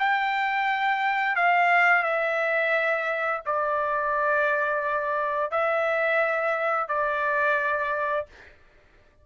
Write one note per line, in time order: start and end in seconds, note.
0.00 1.36 G5
1.36 2.03 F5
2.03 3.41 E5
3.46 5.51 D5
5.51 6.89 E5
6.89 8.27 D5